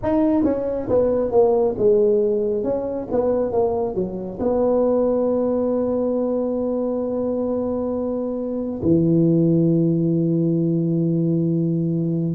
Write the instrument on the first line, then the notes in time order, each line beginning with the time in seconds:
tuba
0.02 D#4
0.44 C#4
0.89 B3
1.31 A#3
1.78 G#3
2.63 C#4
3.11 B3
3.51 A#3
3.94 F#3
4.39 B3
8.82 E3